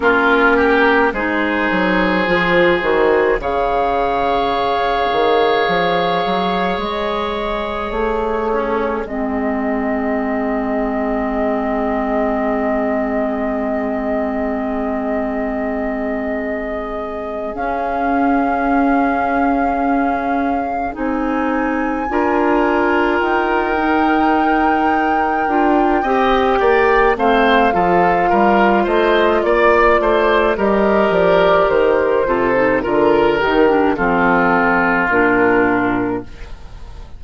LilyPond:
<<
  \new Staff \with { instrumentName = "flute" } { \time 4/4 \tempo 4 = 53 ais'4 c''2 f''4~ | f''2 dis''4 cis''4 | dis''1~ | dis''2.~ dis''8 f''8~ |
f''2~ f''8 gis''4.~ | gis''8 g''2.~ g''8 | f''4. dis''8 d''4 dis''8 d''8 | c''4 ais'8 g'8 a'4 ais'4 | }
  \new Staff \with { instrumentName = "oboe" } { \time 4/4 f'8 g'8 gis'2 cis''4~ | cis''2.~ cis''8 cis'8 | gis'1~ | gis'1~ |
gis'2.~ gis'8 ais'8~ | ais'2. dis''8 d''8 | c''8 a'8 ais'8 c''8 d''8 c''8 ais'4~ | ais'8 a'8 ais'4 f'2 | }
  \new Staff \with { instrumentName = "clarinet" } { \time 4/4 cis'4 dis'4 f'8 fis'8 gis'4~ | gis'1 | c'1~ | c'2.~ c'8 cis'8~ |
cis'2~ cis'8 dis'4 f'8~ | f'4 dis'4. f'8 g'4 | c'8 f'2~ f'8 g'4~ | g'8 f'16 dis'16 f'8 dis'16 d'16 c'4 d'4 | }
  \new Staff \with { instrumentName = "bassoon" } { \time 4/4 ais4 gis8 fis8 f8 dis8 cis4~ | cis8 dis8 f8 fis8 gis4 a4 | gis1~ | gis2.~ gis8 cis'8~ |
cis'2~ cis'8 c'4 d'8~ | d'8 dis'2 d'8 c'8 ais8 | a8 f8 g8 a8 ais8 a8 g8 f8 | dis8 c8 d8 dis8 f4 ais,4 | }
>>